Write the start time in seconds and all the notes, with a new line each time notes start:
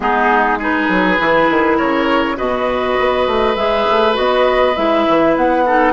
0.00 G#3 B3 D#4 G#4
0.59 D#4 G#4 B4
0.88 F#3
1.17 E3 E4
1.50 D#3
1.77 C#3 A#4 C#5
2.36 B2 F#4 B4 D#5
2.99 B3
3.27 A3
3.55 G#3 G#4 E5
3.90 A3
4.13 B3 F#4 D#5
4.76 G#3 E4 E5
5.08 E3
5.36 B3 F#5
5.65 D#4 A4